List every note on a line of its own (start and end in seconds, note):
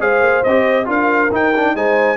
0.00 0.21 G#3
0.00 0.44 G#4
0.00 0.87 C5
0.00 0.44 F5
0.21 0.42 A#3
0.44 0.87 C4
0.44 0.85 G4
0.44 0.87 D#5
0.85 1.31 D4
0.85 1.29 F4
0.85 1.74 A#4
0.85 1.33 F5
1.31 1.75 D#4
1.31 1.53 D#4
1.31 1.76 G5
1.56 1.76 D4
1.75 2.17 G#3
1.75 2.17 D#4
1.75 2.17 C5
1.75 2.17 G#5